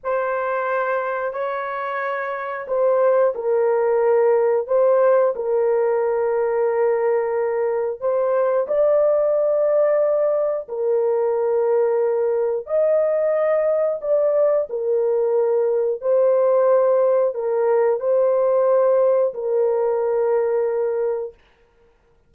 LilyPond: \new Staff \with { instrumentName = "horn" } { \time 4/4 \tempo 4 = 90 c''2 cis''2 | c''4 ais'2 c''4 | ais'1 | c''4 d''2. |
ais'2. dis''4~ | dis''4 d''4 ais'2 | c''2 ais'4 c''4~ | c''4 ais'2. | }